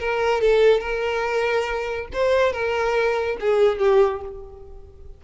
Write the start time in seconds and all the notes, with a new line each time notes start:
0.00 A#4
0.42 A4
0.80 A#4
2.14 C5
2.53 A#4
3.41 G#4
3.79 G4